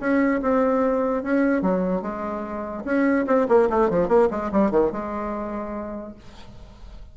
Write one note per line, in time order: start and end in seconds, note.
0.00 0.41 C#4
0.42 1.23 C4
1.23 1.62 C#4
1.62 2.02 F#3
2.02 2.84 G#3
2.85 3.26 C#4
3.27 3.48 C4
3.49 3.69 A#3
3.70 3.90 A3
3.90 4.08 F3
4.08 4.29 A#3
4.31 4.51 G#3
4.52 4.71 G3
4.71 4.92 D#3
4.92 6.15 G#3